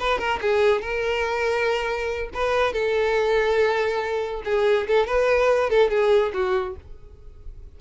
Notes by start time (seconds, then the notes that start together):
0.00 B4
0.19 A#4
0.42 G#4
0.82 A#4
2.34 B4
2.73 A4
4.45 G#4
4.88 A4
5.07 B4
5.70 A4
5.90 G#4
6.33 F#4